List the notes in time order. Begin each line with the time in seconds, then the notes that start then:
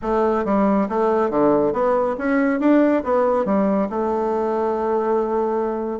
0.01 A3
0.44 G3
0.88 A3
1.29 D3
1.73 B3
2.18 C#4
2.59 D4
3.03 B3
3.45 G3
3.89 A3